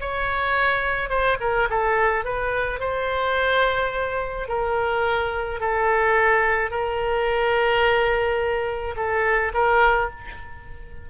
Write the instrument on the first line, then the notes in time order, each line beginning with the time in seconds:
oboe
0.00 C#5
1.10 C5
1.40 A#4
1.70 A4
2.25 B4
2.80 C5
4.48 A#4
5.60 A4
6.71 A#4
8.96 A4
9.54 A#4